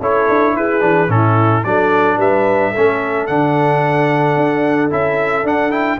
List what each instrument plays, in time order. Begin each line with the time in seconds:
0.00 tuba C#4, trombone E4, horn A4, trumpet C#5
0.28 tuba D4
0.55 tuba E4, horn G#4, trumpet B4
0.80 tuba E3, trombone D4
1.09 tuba A2, trombone C#4, horn E4, trumpet A4
1.63 tuba F#3, trombone D4, horn A4, trumpet D5
2.17 tuba G3, horn B4, trumpet E5
2.71 tuba A3, trombone C#4, horn A4
3.26 tuba D3, trombone D4, trumpet F#5
4.36 tuba D4
4.90 tuba C#4, trombone E4, trumpet E5
5.43 tuba D4, trombone D4, trumpet F#5
5.70 trombone E4, trumpet G5